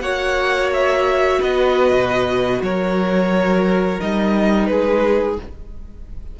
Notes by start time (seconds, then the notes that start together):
0.00 A#3 F#4 C#5 F#5
0.73 E5
1.40 B3 B4 D#5
1.91 B2
2.62 F#3 A#4 C#5
3.99 G3 D#4 D#5
4.66 G#3 G#4 B4